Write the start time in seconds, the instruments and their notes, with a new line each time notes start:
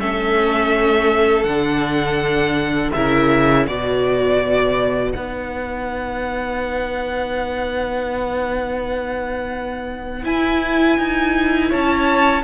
0.00 cello A3, viola C#4, violin A4 E5
1.44 cello D3, viola D4, violin F#5
2.93 cello C#3, viola E4, violin A#4 E5
3.66 cello B2, viola F#4, violin B4 D5
5.12 cello B3, viola D#4, violin F#5
10.23 viola E4, cello E4, violin G#5
10.98 cello D#4
11.70 cello C#4, violin C#5 A5